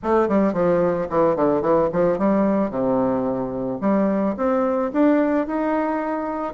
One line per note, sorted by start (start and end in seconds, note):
0.02 0.28 A3
0.28 0.53 G3
0.53 1.07 F3
1.09 1.35 E3
1.35 1.61 D3
1.61 1.89 E3
1.92 2.18 F3
2.18 2.70 G3
2.70 3.79 C3
3.81 4.35 G3
4.36 4.91 C4
4.92 5.46 D4
5.46 6.53 D#4